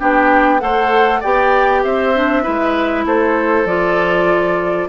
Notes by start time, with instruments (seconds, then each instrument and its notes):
0.00 bassoon B3, clarinet D4, oboe G4, flute G5
0.60 bassoon A3, clarinet A4, oboe C5, flute F#5
1.20 bassoon B3, clarinet G4, oboe D5, flute G5
1.84 bassoon C4, oboe C5, flute E5
2.15 clarinet D4
2.43 bassoon G#3, clarinet E4, oboe B4
3.06 bassoon A3, oboe A4, flute C5
3.65 bassoon F3, clarinet F4, flute D5